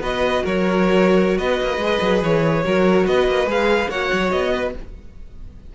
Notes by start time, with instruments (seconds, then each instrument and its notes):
0.00 cello B3, viola F#4, violin B4 D#5
0.44 cello F#3, violin A#4 C#5
1.38 cello B3, violin B4 D#5
1.62 cello A#3
1.77 cello G#3, viola G#4
2.01 cello F#3
2.22 cello E3, violin C#5
2.63 cello F#3, viola F#4, violin A#4
3.07 cello B3, violin B4 D#5
3.28 cello A#3
3.46 cello G#3, viola G#4, violin F5
3.90 cello A#3, viola F#4, violin C#5 F#5
4.13 cello F#3
4.31 cello B3, violin D#5
4.54 violin B4